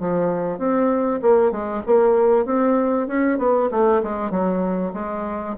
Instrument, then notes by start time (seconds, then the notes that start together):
bassoon
0.00 F3
0.58 C4
1.22 A#3
1.52 G#3
1.86 A#3
2.46 C4
3.08 C#4
3.39 B3
3.71 A3
4.03 G#3
4.31 F#3
4.94 G#3